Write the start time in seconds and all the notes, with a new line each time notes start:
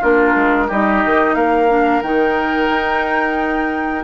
0.00 A#3 D4 F4 A#4
0.36 G#3
0.68 G3 D#4 G4 D#5
1.06 D#3
1.35 A#3 A#4 F5
1.69 D4
2.02 D#3 D#4 G5
2.70 D#4